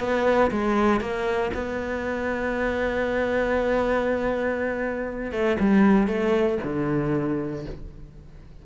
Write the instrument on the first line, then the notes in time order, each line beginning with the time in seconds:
cello
0.00 B3
0.51 G#3
1.01 A#3
1.54 B3
5.32 A3
5.60 G3
6.08 A3
6.64 D3